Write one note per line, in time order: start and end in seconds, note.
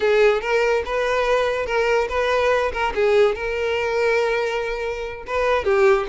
0.00 0.41 G#4
0.41 0.83 A#4
0.85 1.66 B4
1.66 2.08 A#4
2.08 2.71 B4
2.72 2.93 A#4
2.94 3.35 G#4
3.35 5.23 A#4
5.26 5.64 B4
5.64 6.06 G4